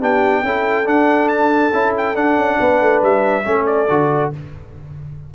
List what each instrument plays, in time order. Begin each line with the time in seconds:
0.00 tuba B3, trombone D4, horn G4, trumpet G5
0.43 tuba C#4, trombone E4, horn A4
0.85 trombone D4, tuba D4, trumpet F#5
1.29 trumpet A5
1.72 tuba C#4, trombone E4
1.97 trumpet G5
2.15 trombone D4, tuba D4, trumpet F#5
2.37 tuba C#4
2.60 tuba B3, horn B4
2.81 tuba A3
3.02 tuba G3, trumpet E5
3.45 tuba A3, trombone C#4, horn A4
3.66 trumpet D5
3.89 tuba D3, trombone F#4